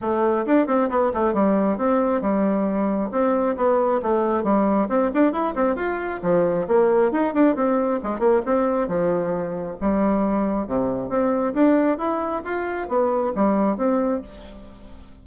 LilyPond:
\new Staff \with { instrumentName = "bassoon" } { \time 4/4 \tempo 4 = 135 a4 d'8 c'8 b8 a8 g4 | c'4 g2 c'4 | b4 a4 g4 c'8 d'8 | e'8 c'8 f'4 f4 ais4 |
dis'8 d'8 c'4 gis8 ais8 c'4 | f2 g2 | c4 c'4 d'4 e'4 | f'4 b4 g4 c'4 | }